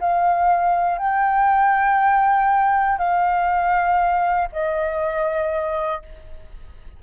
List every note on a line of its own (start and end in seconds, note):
0.00 0.98 F5
0.98 2.98 G5
2.99 4.49 F5
4.52 6.02 D#5